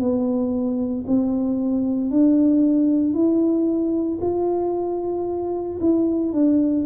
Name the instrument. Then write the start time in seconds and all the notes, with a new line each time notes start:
tuba
0.00 B3
1.07 C4
2.11 D4
3.14 E4
4.21 F4
5.80 E4
6.33 D4